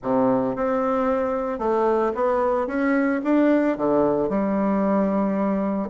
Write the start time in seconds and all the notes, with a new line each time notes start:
0.02 C3
0.55 C4
1.58 A3
2.14 B3
2.67 C#4
3.24 D4
3.77 D3
4.29 G3